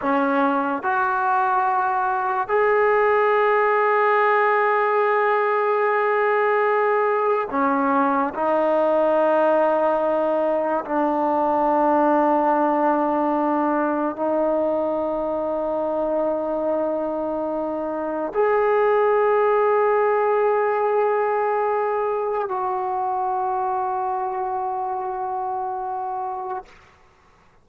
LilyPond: \new Staff \with { instrumentName = "trombone" } { \time 4/4 \tempo 4 = 72 cis'4 fis'2 gis'4~ | gis'1~ | gis'4 cis'4 dis'2~ | dis'4 d'2.~ |
d'4 dis'2.~ | dis'2 gis'2~ | gis'2. fis'4~ | fis'1 | }